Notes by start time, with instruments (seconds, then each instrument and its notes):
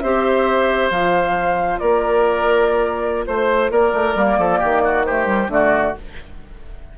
0.00 bassoon C4, clarinet G4, oboe C5, flute E5
0.90 bassoon F3, clarinet F4, flute F5
1.78 bassoon A#3, oboe A#4, flute D5
3.26 bassoon A3, flute C5, oboe C5
3.70 bassoon A#3, oboe A#4, flute D5
3.93 bassoon A3
4.15 bassoon G3, clarinet A#3
4.38 bassoon F3, oboe A4
4.59 bassoon D#3, oboe G4
4.84 oboe F#4
5.04 clarinet A3, oboe G4, flute C5
5.25 clarinet G3
5.47 bassoon D3, clarinet A3, oboe F#4, flute D5